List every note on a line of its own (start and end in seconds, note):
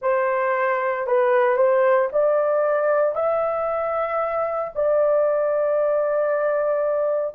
0.01 1.06 C5
1.06 1.56 B4
1.56 2.09 C5
2.12 3.15 D5
3.15 4.73 E5
4.75 7.34 D5